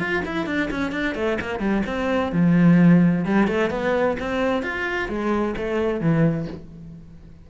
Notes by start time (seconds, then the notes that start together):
0.00 F4
0.26 E4
0.47 D4
0.71 C#4
0.92 D4
1.15 A3
1.41 A#3
1.60 G3
1.86 C4
2.33 F3
3.26 G3
3.48 A3
3.71 B3
4.20 C4
4.63 F4
5.09 G#3
5.58 A3
6.01 E3